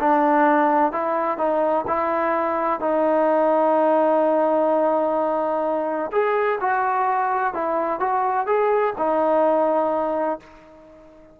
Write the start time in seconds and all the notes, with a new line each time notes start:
0.00 D4
0.93 E4
1.38 D#4
1.88 E4
2.80 D#4
6.12 G#4
6.61 F#4
7.54 E4
8.00 F#4
8.47 G#4
8.98 D#4